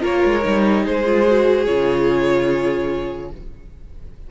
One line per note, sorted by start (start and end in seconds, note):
0.00 0.24 A#3
0.00 0.41 F4
0.00 0.83 A#4
0.00 0.85 C#5
0.25 0.45 G#3
0.42 0.87 G3
0.42 1.04 D#4
0.83 1.67 G#3
0.83 3.30 G#4
0.83 1.65 C5
1.05 1.26 F4
1.26 1.67 F#4
1.65 3.31 C#3
1.65 3.31 F4
1.65 3.30 C#5